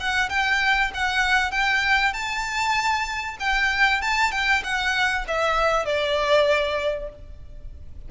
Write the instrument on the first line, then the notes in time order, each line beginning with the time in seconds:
violin
0.00 F#5
0.30 G5
0.94 F#5
1.52 G5
2.13 A5
3.40 G5
4.01 A5
4.32 G5
4.64 F#5
5.27 E5
5.85 D5